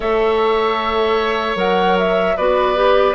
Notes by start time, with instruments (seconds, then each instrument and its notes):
0.00 bassoon A3, clarinet A4, oboe C#5, flute E5
1.55 bassoon F#3, clarinet A#4, flute F#5
1.98 flute E5
2.37 bassoon B3, clarinet F#4, oboe B4, flute D5
2.75 clarinet G4